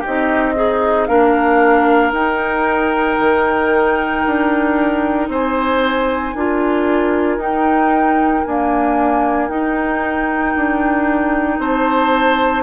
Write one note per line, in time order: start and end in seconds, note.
0.00 0.55 D#4
0.00 0.53 G4
0.00 1.06 D#5
0.06 1.09 C4
0.55 1.08 D#4
0.55 1.08 G#4
1.06 2.12 A#3
1.06 2.13 D4
1.06 5.29 A#4
1.06 2.11 F5
2.12 3.17 D#4
2.12 6.35 D#4
2.12 5.29 G5
3.20 4.25 D#3
4.26 5.29 D4
5.29 6.34 C4
5.29 6.35 C5
5.29 7.41 G#5
6.35 7.37 D4
6.35 7.40 F4
6.35 11.60 A#4
7.37 8.43 D#4
7.37 8.45 D#4
7.37 8.44 G5
8.44 9.49 A#3
8.44 9.49 D4
8.44 9.49 G#5
9.49 12.63 D#4
9.49 10.54 D#4
9.49 11.59 G5
10.56 11.59 D4
11.59 12.63 C4
11.59 12.63 C5
11.59 12.63 A5